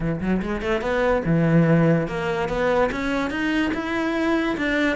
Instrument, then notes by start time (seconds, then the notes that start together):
cello
0.00 E3
0.20 F#3
0.42 G#3
0.61 A3
0.81 B3
1.25 E3
2.07 A#3
2.48 B3
2.91 C#4
3.30 D#4
3.74 E4
4.57 D4